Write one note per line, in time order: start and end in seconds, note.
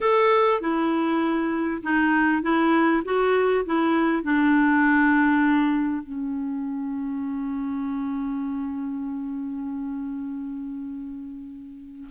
0.00 0.60 A4
0.60 1.82 E4
1.83 2.42 D#4
2.42 3.02 E4
3.04 3.65 F#4
3.65 4.23 E4
4.23 6.02 D4
6.02 12.09 C#4